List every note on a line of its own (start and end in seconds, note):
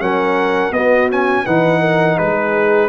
0.00 0.71 F#3
0.00 0.72 C#4
0.00 0.74 A#4
0.00 0.73 F#5
0.71 1.44 B3
0.71 1.10 B3
0.71 1.45 F#4
0.71 1.09 D#5
1.10 1.47 C#4
1.10 1.46 G#5
1.45 2.19 E3
1.45 2.89 D#4
1.45 1.80 B4
1.45 2.18 F#5
1.80 2.16 A#4
2.17 2.89 G#3
2.17 2.89 G#4
2.17 2.89 B4